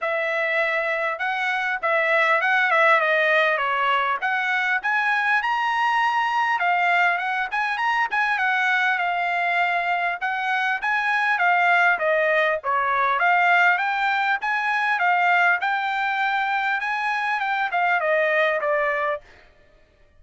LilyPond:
\new Staff \with { instrumentName = "trumpet" } { \time 4/4 \tempo 4 = 100 e''2 fis''4 e''4 | fis''8 e''8 dis''4 cis''4 fis''4 | gis''4 ais''2 f''4 | fis''8 gis''8 ais''8 gis''8 fis''4 f''4~ |
f''4 fis''4 gis''4 f''4 | dis''4 cis''4 f''4 g''4 | gis''4 f''4 g''2 | gis''4 g''8 f''8 dis''4 d''4 | }